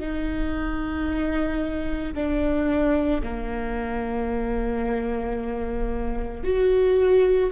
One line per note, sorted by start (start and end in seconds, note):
0.00 2.14 D#4
2.15 3.22 D4
3.23 6.44 A#3
6.44 7.51 F#4